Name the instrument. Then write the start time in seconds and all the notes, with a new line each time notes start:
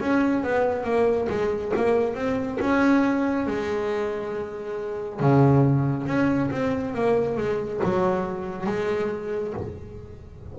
double bass
0.00 C#4
0.43 B3
0.84 A#3
1.29 G#3
1.76 A#3
2.15 C4
2.60 C#4
3.47 G#3
5.20 C#3
6.07 C#4
6.51 C4
6.94 A#3
7.37 G#3
7.83 F#3
8.66 G#3